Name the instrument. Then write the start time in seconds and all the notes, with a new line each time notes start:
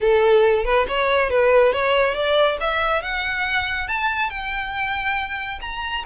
violin
0.00 A4
0.64 B4
0.88 C#5
1.29 B4
1.72 C#5
2.14 D5
2.60 E5
3.02 F#5
3.88 A5
4.29 G5
5.61 A#5